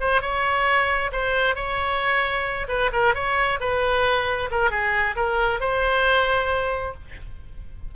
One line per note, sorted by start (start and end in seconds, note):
0.00 0.21 C5
0.21 1.11 C#5
1.12 1.55 C5
1.55 2.67 C#5
2.68 2.90 B4
2.92 3.14 A#4
3.14 3.59 C#5
3.60 4.50 B4
4.51 4.70 A#4
4.70 5.15 G#4
5.16 5.59 A#4
5.59 6.94 C5